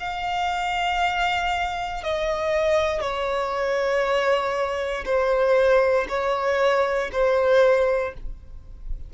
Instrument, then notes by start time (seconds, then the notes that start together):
violin
0.00 F5
2.03 D#5
3.01 C#5
5.05 C5
6.09 C#5
7.12 C5